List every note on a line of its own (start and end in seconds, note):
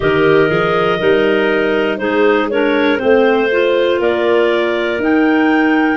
0.00 0.50 D#3
0.00 0.48 G4
0.00 1.00 A#4
0.00 1.97 D#5
0.48 1.00 F3
0.48 0.98 G#4
0.98 1.99 G3
0.98 2.00 D#4
0.98 1.98 A#4
1.97 2.99 G#3
1.97 2.48 D#4
1.97 2.50 G#4
1.97 2.47 C5
2.49 2.97 D4
2.49 3.01 A#4
2.49 2.98 C#5
2.97 3.99 A3
2.97 3.47 C4
2.97 3.98 C5
2.97 4.00 C5
3.51 5.00 F4
3.99 4.98 A#3
3.99 5.97 A#4
3.99 5.01 D5
4.98 5.97 D#4
4.98 5.97 G5